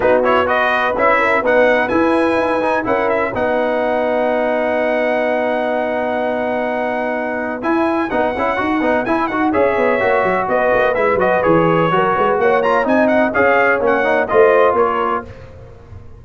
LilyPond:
<<
  \new Staff \with { instrumentName = "trumpet" } { \time 4/4 \tempo 4 = 126 b'8 cis''8 dis''4 e''4 fis''4 | gis''2 fis''8 e''8 fis''4~ | fis''1~ | fis''1 |
gis''4 fis''2 gis''8 fis''8 | e''2 dis''4 e''8 dis''8 | cis''2 fis''8 ais''8 gis''8 fis''8 | f''4 fis''4 dis''4 cis''4 | }
  \new Staff \with { instrumentName = "horn" } { \time 4/4 fis'4 b'4. ais'8 b'4~ | b'2 ais'4 b'4~ | b'1~ | b'1~ |
b'1 | cis''2 b'2~ | b'4 ais'8 b'8 cis''4 dis''4 | cis''2 c''4 ais'4 | }
  \new Staff \with { instrumentName = "trombone" } { \time 4/4 dis'8 e'8 fis'4 e'4 dis'4 | e'4. dis'8 e'4 dis'4~ | dis'1~ | dis'1 |
e'4 dis'8 e'8 fis'8 dis'8 e'8 fis'8 | gis'4 fis'2 e'8 fis'8 | gis'4 fis'4. f'8 dis'4 | gis'4 cis'8 dis'8 f'2 | }
  \new Staff \with { instrumentName = "tuba" } { \time 4/4 b2 cis'4 b4 | e'4 dis'4 cis'4 b4~ | b1~ | b1 |
e'4 b8 cis'8 dis'8 b8 e'8 dis'8 | cis'8 b8 ais8 fis8 b8 ais8 gis8 fis8 | e4 fis8 gis8 ais4 c'4 | cis'4 ais4 a4 ais4 | }
>>